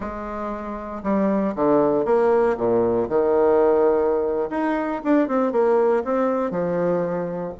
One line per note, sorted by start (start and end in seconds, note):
0.00 1.03 G#3
1.03 1.54 G3
1.55 2.05 D3
2.05 2.56 A#3
2.57 3.08 A#2
3.08 4.49 D#3
4.50 5.01 D#4
5.04 5.28 D4
5.28 5.52 C4
5.52 6.03 A#3
6.04 6.50 C4
6.50 7.53 F3